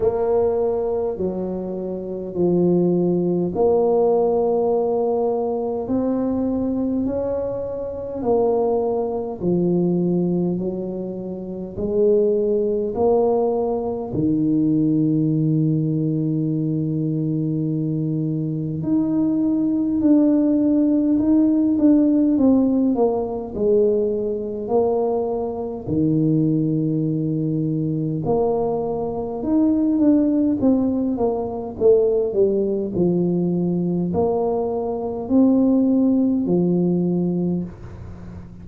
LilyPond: \new Staff \with { instrumentName = "tuba" } { \time 4/4 \tempo 4 = 51 ais4 fis4 f4 ais4~ | ais4 c'4 cis'4 ais4 | f4 fis4 gis4 ais4 | dis1 |
dis'4 d'4 dis'8 d'8 c'8 ais8 | gis4 ais4 dis2 | ais4 dis'8 d'8 c'8 ais8 a8 g8 | f4 ais4 c'4 f4 | }